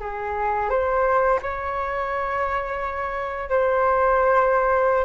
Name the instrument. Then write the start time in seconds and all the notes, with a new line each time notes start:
flute
0.00 G#4
0.69 C5
1.41 C#5
3.49 C5